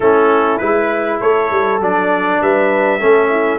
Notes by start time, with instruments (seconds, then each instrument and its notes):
0.00 tuba A3, trombone C#4, horn E4, trumpet A4
0.58 tuba G#3, trombone E4, trumpet B4
1.20 tuba A3, horn A4, trumpet C#5
1.50 tuba G3
1.79 tuba F#3, trombone D4, trumpet D5
2.41 tuba G3, horn B4, trumpet E5
2.99 tuba A3, trombone C#4, horn A4
3.31 horn E4